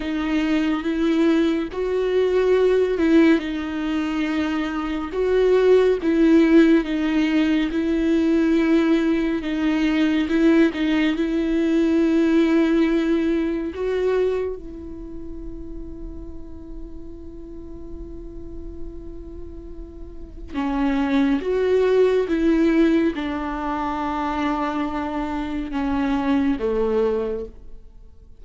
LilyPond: \new Staff \with { instrumentName = "viola" } { \time 4/4 \tempo 4 = 70 dis'4 e'4 fis'4. e'8 | dis'2 fis'4 e'4 | dis'4 e'2 dis'4 | e'8 dis'8 e'2. |
fis'4 e'2.~ | e'1 | cis'4 fis'4 e'4 d'4~ | d'2 cis'4 a4 | }